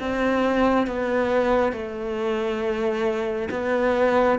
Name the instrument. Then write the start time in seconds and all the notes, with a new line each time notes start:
cello
0.00 C4
0.87 B3
1.72 A3
3.51 B3